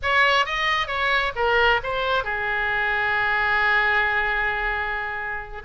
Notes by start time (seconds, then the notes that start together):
0.02 C#5
0.45 D#5
0.87 C#5
1.35 A#4
1.83 C5
2.24 G#4